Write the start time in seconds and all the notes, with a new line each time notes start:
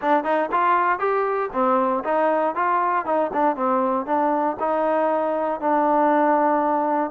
0.01 D4
0.24 D#4
0.51 F4
0.99 G4
1.53 C4
2.04 D#4
2.55 F4
3.05 D#4
3.33 D4
3.56 C4
4.05 D4
4.59 D#4
5.60 D4